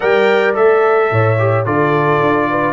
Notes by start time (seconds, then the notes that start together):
0.00 G3 A#4 D5 G5
0.54 A3 A4 E5
1.11 A2 C#5
1.38 G4
1.65 D3 F4 A4 D5
2.20 D4
2.50 B4